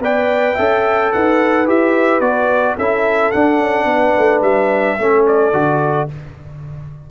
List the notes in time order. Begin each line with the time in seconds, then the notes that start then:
0.00 B3 B4 D5 G5
0.55 C#4 A4 E5
1.13 D#4 B4 F#5
1.67 E4 G4 E5
2.21 B3 F#4 D5
2.77 C#4 E4 A4 E5
3.32 D4 F#5
3.60 C#4
3.85 B3 B4
4.18 A3
4.42 G3 E5
4.99 A3 C#4 A4
5.27 D5
5.53 D3 F#4